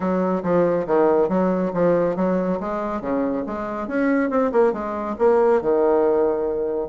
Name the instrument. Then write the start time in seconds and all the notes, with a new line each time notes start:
bassoon
0.00 F#3
0.43 F3
0.86 D#3
1.29 F#3
1.73 F3
2.16 F#3
2.60 G#3
3.01 C#3
3.46 G#3
3.87 C#4
4.29 C4
4.51 A#3
4.73 G#3
5.18 A#3
5.61 D#3